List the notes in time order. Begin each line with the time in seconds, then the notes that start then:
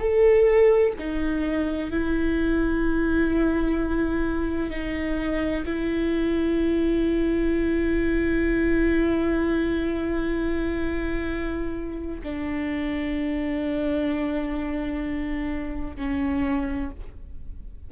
0.00 A4
1.00 D#4
1.91 E4
4.71 D#4
5.66 E4
12.23 D4
15.97 C#4